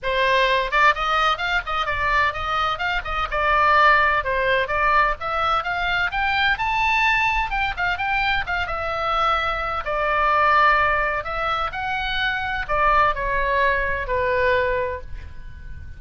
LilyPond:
\new Staff \with { instrumentName = "oboe" } { \time 4/4 \tempo 4 = 128 c''4. d''8 dis''4 f''8 dis''8 | d''4 dis''4 f''8 dis''8 d''4~ | d''4 c''4 d''4 e''4 | f''4 g''4 a''2 |
g''8 f''8 g''4 f''8 e''4.~ | e''4 d''2. | e''4 fis''2 d''4 | cis''2 b'2 | }